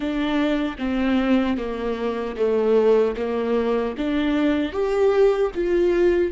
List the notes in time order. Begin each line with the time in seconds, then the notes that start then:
0.00 D4
0.78 C4
1.57 A#3
2.36 A3
3.16 A#3
3.97 D4
4.72 G4
5.54 F4